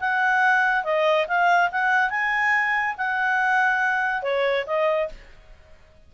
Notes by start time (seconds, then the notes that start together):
0.00 F#5
0.84 D#5
1.28 F5
1.71 F#5
2.10 G#5
2.98 F#5
4.23 C#5
4.67 D#5